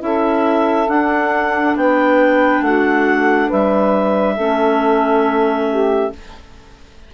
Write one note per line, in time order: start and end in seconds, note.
0.00 0.88 C#4
0.00 0.87 E4
0.00 1.78 A4
0.00 0.89 E5
0.88 4.36 D4
0.88 1.75 D4
0.88 1.76 F#5
1.76 2.62 B3
1.76 2.65 B4
1.76 2.63 G5
2.62 3.49 A3
2.62 3.48 F#4
2.62 3.50 F#5
3.48 4.38 G3
3.48 4.35 B4
3.48 6.13 E5
4.35 6.12 A3
4.35 6.13 C#4
4.35 5.65 A4
5.71 6.14 G4